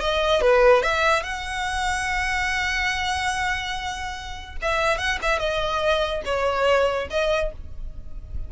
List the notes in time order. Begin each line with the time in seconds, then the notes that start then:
0.00 D#5
0.41 B4
0.83 E5
1.23 F#5
4.62 E5
4.98 F#5
5.22 E5
5.39 D#5
6.25 C#5
7.10 D#5